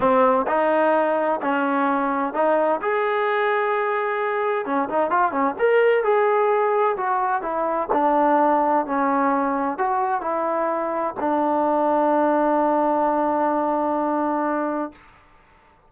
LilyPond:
\new Staff \with { instrumentName = "trombone" } { \time 4/4 \tempo 4 = 129 c'4 dis'2 cis'4~ | cis'4 dis'4 gis'2~ | gis'2 cis'8 dis'8 f'8 cis'8 | ais'4 gis'2 fis'4 |
e'4 d'2 cis'4~ | cis'4 fis'4 e'2 | d'1~ | d'1 | }